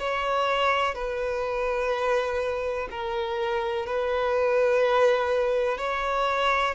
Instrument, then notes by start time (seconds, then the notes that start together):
violin
0.00 C#5
0.95 B4
2.91 A#4
3.87 B4
5.78 C#5